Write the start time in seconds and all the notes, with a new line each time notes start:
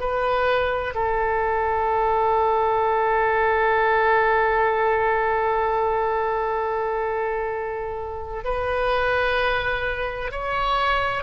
0.00 B4
0.95 A4
8.44 B4
10.31 C#5